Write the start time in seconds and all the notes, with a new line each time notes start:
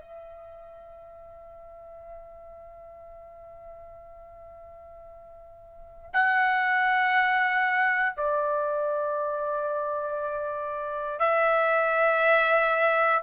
0.00 E5
6.13 F#5
8.16 D5
11.19 E5